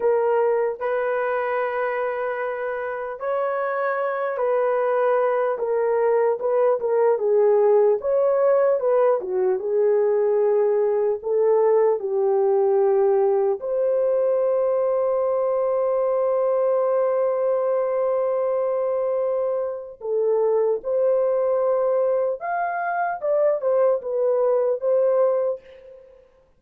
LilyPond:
\new Staff \with { instrumentName = "horn" } { \time 4/4 \tempo 4 = 75 ais'4 b'2. | cis''4. b'4. ais'4 | b'8 ais'8 gis'4 cis''4 b'8 fis'8 | gis'2 a'4 g'4~ |
g'4 c''2.~ | c''1~ | c''4 a'4 c''2 | f''4 d''8 c''8 b'4 c''4 | }